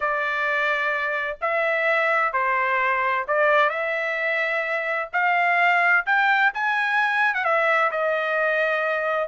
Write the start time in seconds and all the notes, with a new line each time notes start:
0.00 D5
1.41 E5
2.32 C5
3.27 D5
3.69 E5
5.12 F5
6.06 G5
6.53 G#5
7.34 F#5
7.44 E5
7.91 D#5